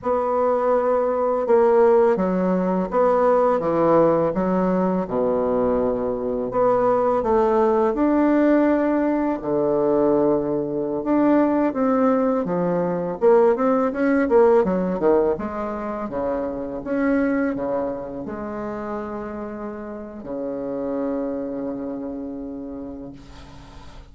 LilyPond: \new Staff \with { instrumentName = "bassoon" } { \time 4/4 \tempo 4 = 83 b2 ais4 fis4 | b4 e4 fis4 b,4~ | b,4 b4 a4 d'4~ | d'4 d2~ d16 d'8.~ |
d'16 c'4 f4 ais8 c'8 cis'8 ais16~ | ais16 fis8 dis8 gis4 cis4 cis'8.~ | cis'16 cis4 gis2~ gis8. | cis1 | }